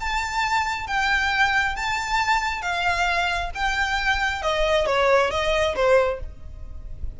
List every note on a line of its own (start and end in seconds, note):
0.00 0.87 A5
0.87 1.76 G5
1.76 2.62 A5
2.62 3.51 F5
3.55 4.42 G5
4.42 4.86 D#5
4.86 5.30 C#5
5.30 5.75 D#5
5.75 6.19 C5